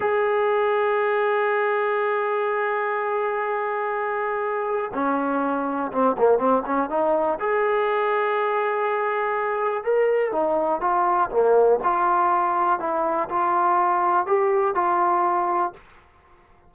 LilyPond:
\new Staff \with { instrumentName = "trombone" } { \time 4/4 \tempo 4 = 122 gis'1~ | gis'1~ | gis'2 cis'2 | c'8 ais8 c'8 cis'8 dis'4 gis'4~ |
gis'1 | ais'4 dis'4 f'4 ais4 | f'2 e'4 f'4~ | f'4 g'4 f'2 | }